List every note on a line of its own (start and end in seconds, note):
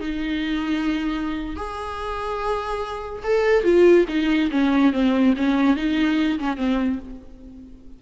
0.00 1.56 D#4
1.56 3.22 G#4
3.23 3.63 A4
3.63 4.05 F4
4.08 4.50 D#4
4.50 4.92 C#4
4.92 5.34 C4
5.36 5.76 C#4
5.76 6.38 D#4
6.38 6.57 C#4
6.57 6.98 C4